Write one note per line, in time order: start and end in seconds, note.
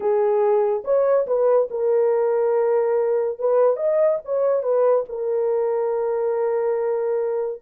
0.00 0.83 G#4
0.84 1.26 C#5
1.26 1.69 B4
1.70 3.38 A#4
3.38 3.76 B4
3.76 4.18 D#5
4.24 4.62 C#5
4.62 5.05 B4
5.09 7.61 A#4